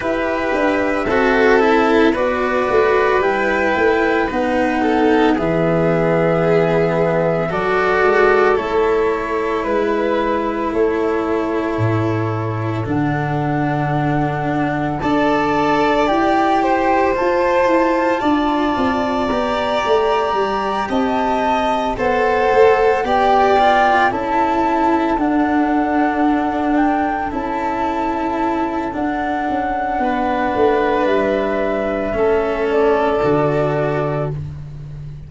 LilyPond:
<<
  \new Staff \with { instrumentName = "flute" } { \time 4/4 \tempo 4 = 56 e''2 d''4 g''4 | fis''4 e''2 d''4 | cis''4 b'4 cis''2 | fis''2 a''4 g''4 |
a''2 ais''4. a''8~ | a''8 fis''4 g''4 a''4 fis''8~ | fis''4 g''8 a''4. fis''4~ | fis''4 e''4. d''4. | }
  \new Staff \with { instrumentName = "violin" } { \time 4/4 b'4 a'4 b'2~ | b'8 a'8 gis'2 a'4~ | a'4 b'4 a'2~ | a'2 d''4. c''8~ |
c''4 d''2~ d''8 dis''8~ | dis''8 c''4 d''4 a'4.~ | a'1 | b'2 a'2 | }
  \new Staff \with { instrumentName = "cello" } { \time 4/4 g'4 fis'8 e'8 fis'4 e'4 | dis'4 b2 fis'4 | e'1 | d'2 a'4 g'4 |
f'2 g'2~ | g'8 a'4 g'8 f'8 e'4 d'8~ | d'4. e'4. d'4~ | d'2 cis'4 fis'4 | }
  \new Staff \with { instrumentName = "tuba" } { \time 4/4 e'8 d'8 c'4 b8 a8 g8 a8 | b4 e2 fis8 gis8 | a4 gis4 a4 a,4 | d2 d'4 e'4 |
f'8 e'8 d'8 c'8 b8 a8 g8 c'8~ | c'8 b8 a8 b4 cis'4 d'8~ | d'4. cis'4. d'8 cis'8 | b8 a8 g4 a4 d4 | }
>>